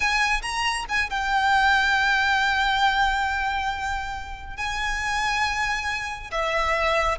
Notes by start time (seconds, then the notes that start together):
0.00 G#5
0.42 A#5
0.89 G#5
1.09 G5
4.56 G#5
6.31 E5